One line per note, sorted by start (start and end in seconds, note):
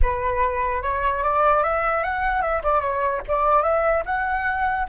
0.01 0.82 B4
0.82 1.23 C#5
1.23 1.63 D5
1.63 2.03 E5
2.03 2.41 F#5
2.41 2.62 E5
2.63 2.80 D5
2.80 3.21 C#5
3.28 3.62 D5
3.62 4.03 E5
4.05 4.86 F#5